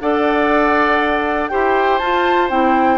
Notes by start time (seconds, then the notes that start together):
0.00 D4 A4 D5 F#5
1.48 E4 G4 C5 G5
1.98 F4 A5
2.49 C4 E4 G5